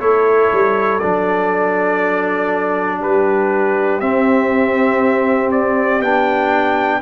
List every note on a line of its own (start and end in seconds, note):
0.00 0.51 A3
0.00 1.00 E4
0.00 2.99 A4
0.00 0.99 C#5
0.52 1.02 G3
0.99 3.02 F#3
0.99 4.02 D4
0.99 2.99 D5
2.99 4.01 G3
2.99 6.99 G4
2.99 4.00 B4
4.00 6.00 C4
4.00 6.02 C4
4.00 5.50 E5
5.51 6.01 D5
6.00 7.00 B3
6.00 7.01 D4
6.00 7.01 G5